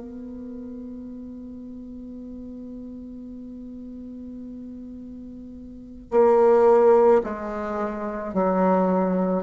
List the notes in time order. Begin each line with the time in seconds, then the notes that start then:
0.00 B3
6.11 A#3
7.24 G#3
8.34 F#3